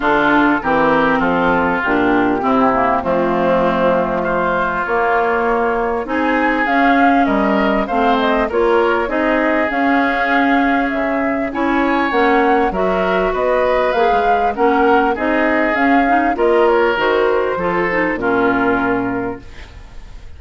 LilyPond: <<
  \new Staff \with { instrumentName = "flute" } { \time 4/4 \tempo 4 = 99 a'4 ais'4 a'4 g'4~ | g'4 f'2 c''4 | cis''2 gis''4 f''4 | dis''4 f''8 dis''8 cis''4 dis''4 |
f''2 e''4 gis''4 | fis''4 e''4 dis''4 f''4 | fis''4 dis''4 f''4 dis''8 cis''8 | c''2 ais'2 | }
  \new Staff \with { instrumentName = "oboe" } { \time 4/4 f'4 g'4 f'2 | e'4 c'2 f'4~ | f'2 gis'2 | ais'4 c''4 ais'4 gis'4~ |
gis'2. cis''4~ | cis''4 ais'4 b'2 | ais'4 gis'2 ais'4~ | ais'4 a'4 f'2 | }
  \new Staff \with { instrumentName = "clarinet" } { \time 4/4 d'4 c'2 d'4 | c'8 ais8 a2. | ais2 dis'4 cis'4~ | cis'4 c'4 f'4 dis'4 |
cis'2. e'4 | cis'4 fis'2 gis'4 | cis'4 dis'4 cis'8 dis'8 f'4 | fis'4 f'8 dis'8 cis'2 | }
  \new Staff \with { instrumentName = "bassoon" } { \time 4/4 d4 e4 f4 ais,4 | c4 f2. | ais2 c'4 cis'4 | g4 a4 ais4 c'4 |
cis'2 cis4 cis'4 | ais4 fis4 b4 ais16 gis8. | ais4 c'4 cis'4 ais4 | dis4 f4 ais,2 | }
>>